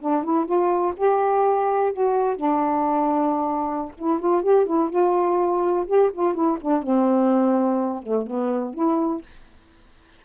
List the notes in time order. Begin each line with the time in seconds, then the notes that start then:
0.00 D4
0.24 E4
0.45 F4
0.97 G4
1.92 F#4
2.36 D4
3.98 E4
4.19 F4
4.43 G4
4.66 E4
4.90 F4
5.87 G4
6.13 F4
6.34 E4
6.61 D4
6.83 C4
8.02 A3
8.26 B3
8.74 E4